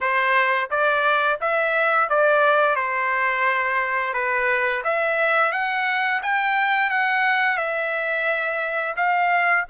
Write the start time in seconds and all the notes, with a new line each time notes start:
0.00 C5
0.70 D5
1.40 E5
2.09 D5
2.75 C5
4.13 B4
4.84 E5
5.52 F#5
6.22 G5
6.90 F#5
7.57 E5
8.96 F5